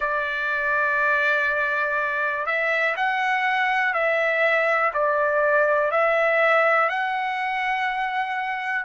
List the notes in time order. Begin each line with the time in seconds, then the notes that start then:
0.00 D5
2.46 E5
2.96 F#5
3.93 E5
4.93 D5
5.91 E5
6.89 F#5